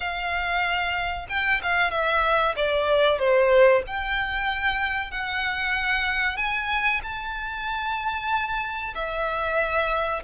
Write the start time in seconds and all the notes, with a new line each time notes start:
0.00 F5
1.29 G5
1.62 F5
1.90 E5
2.56 D5
3.18 C5
3.86 G5
5.11 F#5
6.37 G#5
7.02 A5
8.94 E5